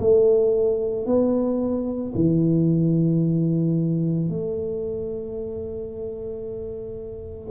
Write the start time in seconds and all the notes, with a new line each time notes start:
0.00 A3
1.06 B3
2.15 E3
4.30 A3